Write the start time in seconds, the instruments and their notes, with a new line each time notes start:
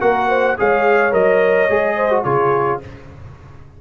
0.00 tuba A#3, trombone F#4, horn A#4, trumpet F#5
0.29 horn C5
0.57 tuba G#3, trombone G#4, horn C#5, trumpet F5
1.11 tuba F#3, trombone A#4, trumpet D#5
1.69 tuba G#3, trombone G#4
1.96 horn C5
2.11 trombone F#4
2.23 tuba C#3, trombone F4, horn G#4, trumpet C#5